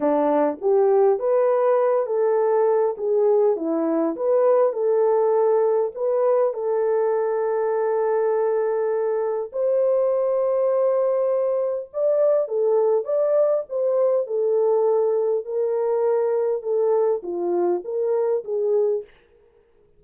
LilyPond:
\new Staff \with { instrumentName = "horn" } { \time 4/4 \tempo 4 = 101 d'4 g'4 b'4. a'8~ | a'4 gis'4 e'4 b'4 | a'2 b'4 a'4~ | a'1 |
c''1 | d''4 a'4 d''4 c''4 | a'2 ais'2 | a'4 f'4 ais'4 gis'4 | }